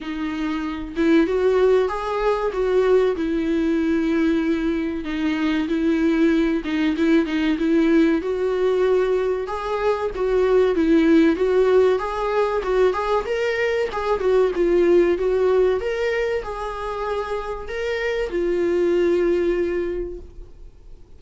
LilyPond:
\new Staff \with { instrumentName = "viola" } { \time 4/4 \tempo 4 = 95 dis'4. e'8 fis'4 gis'4 | fis'4 e'2. | dis'4 e'4. dis'8 e'8 dis'8 | e'4 fis'2 gis'4 |
fis'4 e'4 fis'4 gis'4 | fis'8 gis'8 ais'4 gis'8 fis'8 f'4 | fis'4 ais'4 gis'2 | ais'4 f'2. | }